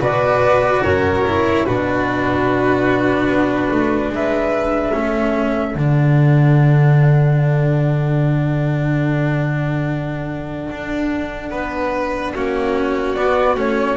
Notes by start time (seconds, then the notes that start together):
0.00 B2 F#4 B4 D5
0.83 F#2 A#4 C#5
1.27 E4
1.65 B2 D4 F#4 B4
3.28 B3
3.71 A3
4.09 G#3 B4 E5
4.92 A3 C#4 A4
5.75 D3 D4 F#5
10.70 D4
11.50 B3 B4
12.35 A#3 C#4 F#4
13.14 B3 D5
13.55 A3 C#4 C#5